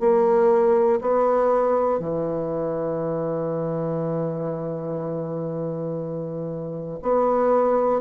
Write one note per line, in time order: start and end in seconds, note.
0.00 1.00 A#3
1.02 2.00 B3
2.00 7.00 E3
7.02 8.01 B3